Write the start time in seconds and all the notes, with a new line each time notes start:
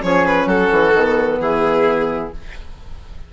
0.00 F3 C#4 G#4 C#5
0.25 B4
0.46 F#3 F#4 A4
0.71 E3
0.93 D#3 B3
1.39 E3 E4 G#4